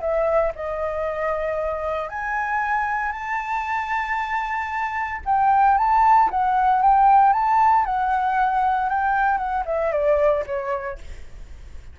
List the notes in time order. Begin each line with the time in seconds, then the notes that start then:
0.00 E5
0.55 D#5
2.09 G#5
3.12 A5
5.25 G5
5.77 A5
6.30 F#5
6.81 G5
7.33 A5
7.85 F#5
8.89 G5
9.37 F#5
9.65 E5
9.92 D5
10.46 C#5